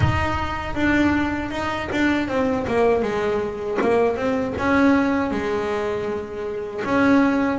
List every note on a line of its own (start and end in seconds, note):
0.00 0.74 D#4
0.74 1.50 D4
1.51 1.88 D#4
1.92 2.28 D4
2.28 2.66 C4
2.67 3.02 A#3
3.02 3.78 G#3
3.81 4.16 A#3
4.16 4.54 C4
4.58 5.30 C#4
5.30 6.82 G#3
6.85 7.58 C#4